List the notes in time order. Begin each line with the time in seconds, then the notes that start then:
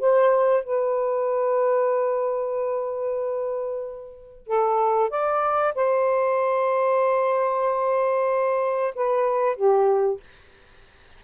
0.00 C5
0.64 B4
4.47 A4
5.10 D5
5.75 C5
8.95 B4
9.57 G4